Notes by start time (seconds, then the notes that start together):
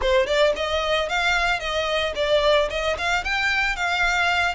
0.01 C5
0.26 D5
0.56 D#5
1.09 F5
1.59 D#5
2.15 D5
2.70 D#5
2.98 F5
3.24 G5
3.76 F5